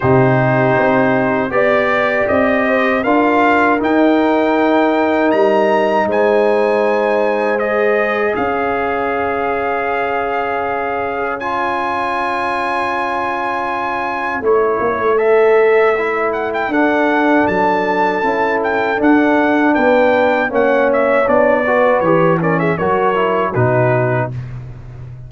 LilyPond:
<<
  \new Staff \with { instrumentName = "trumpet" } { \time 4/4 \tempo 4 = 79 c''2 d''4 dis''4 | f''4 g''2 ais''4 | gis''2 dis''4 f''4~ | f''2. gis''4~ |
gis''2. cis''4 | e''4. fis''16 g''16 fis''4 a''4~ | a''8 g''8 fis''4 g''4 fis''8 e''8 | d''4 cis''8 d''16 e''16 cis''4 b'4 | }
  \new Staff \with { instrumentName = "horn" } { \time 4/4 g'2 d''4. c''8 | ais'1 | c''2. cis''4~ | cis''1~ |
cis''1~ | cis''2 a'2~ | a'2 b'4 cis''4~ | cis''8 b'4 ais'16 gis'16 ais'4 fis'4 | }
  \new Staff \with { instrumentName = "trombone" } { \time 4/4 dis'2 g'2 | f'4 dis'2.~ | dis'2 gis'2~ | gis'2. f'4~ |
f'2. e'4 | a'4 e'4 d'2 | e'4 d'2 cis'4 | d'8 fis'8 g'8 cis'8 fis'8 e'8 dis'4 | }
  \new Staff \with { instrumentName = "tuba" } { \time 4/4 c4 c'4 b4 c'4 | d'4 dis'2 g4 | gis2. cis'4~ | cis'1~ |
cis'2. a8 ais16 a16~ | a2 d'4 fis4 | cis'4 d'4 b4 ais4 | b4 e4 fis4 b,4 | }
>>